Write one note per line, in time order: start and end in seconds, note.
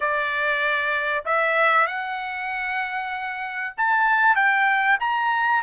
0.00 1.24 D5
1.25 1.86 E5
1.86 3.74 F#5
3.77 4.35 A5
4.35 4.97 G5
5.00 5.62 A#5